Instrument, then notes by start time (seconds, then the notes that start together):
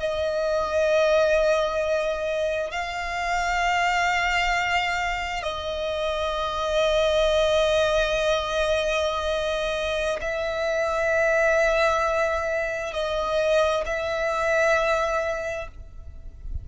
violin
0.00 D#5
2.71 F5
5.43 D#5
10.21 E5
12.94 D#5
13.86 E5